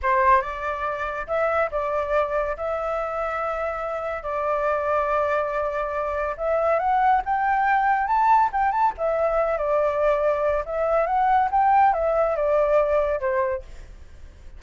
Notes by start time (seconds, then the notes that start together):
0.02 C5
0.41 D5
1.27 E5
1.71 D5
2.56 E5
4.22 D5
6.37 E5
6.79 F#5
7.25 G5
8.07 A5
8.52 G5
8.71 A5
8.97 E5
9.57 D5
10.65 E5
11.06 F#5
11.51 G5
11.93 E5
12.36 D5
13.20 C5